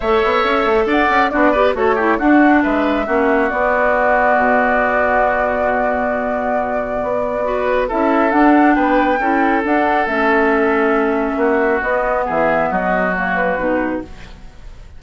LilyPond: <<
  \new Staff \with { instrumentName = "flute" } { \time 4/4 \tempo 4 = 137 e''2 fis''4 d''4 | cis''4 fis''4 e''2 | d''1~ | d''1~ |
d''2 e''4 fis''4 | g''2 fis''4 e''4~ | e''2. dis''4 | e''4 dis''4 cis''8 b'4. | }
  \new Staff \with { instrumentName = "oboe" } { \time 4/4 cis''2 d''4 fis'8 b'8 | a'8 g'8 fis'4 b'4 fis'4~ | fis'1~ | fis'1~ |
fis'4 b'4 a'2 | b'4 a'2.~ | a'2 fis'2 | gis'4 fis'2. | }
  \new Staff \with { instrumentName = "clarinet" } { \time 4/4 a'2. d'8 g'8 | fis'8 e'8 d'2 cis'4 | b1~ | b1~ |
b4 fis'4 e'4 d'4~ | d'4 e'4 d'4 cis'4~ | cis'2. b4~ | b2 ais4 dis'4 | }
  \new Staff \with { instrumentName = "bassoon" } { \time 4/4 a8 b8 cis'8 a8 d'8 cis'8 b4 | a4 d'4 gis4 ais4 | b2 b,2~ | b,1 |
b2 cis'4 d'4 | b4 cis'4 d'4 a4~ | a2 ais4 b4 | e4 fis2 b,4 | }
>>